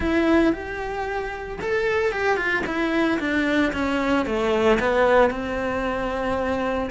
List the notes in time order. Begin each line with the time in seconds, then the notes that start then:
0.00 E4
0.52 G4
1.61 A4
2.12 G4
2.36 F4
2.66 E4
3.19 D4
3.73 C#4
4.26 A3
4.79 B3
5.30 C4